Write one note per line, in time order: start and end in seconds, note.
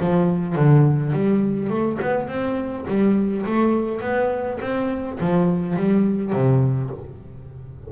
0.00 0.55 F3
0.55 1.12 D3
1.12 1.69 G3
1.69 1.98 A3
2.01 2.28 B3
2.28 2.85 C4
2.87 3.45 G3
3.45 4.01 A3
4.01 4.59 B3
4.61 5.18 C4
5.20 5.76 F3
5.76 6.32 G3
6.32 6.90 C3